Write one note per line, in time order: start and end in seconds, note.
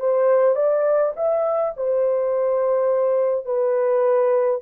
0.00 0.56 C5
0.56 1.13 D5
1.16 1.74 E5
1.77 3.46 C5
3.46 4.61 B4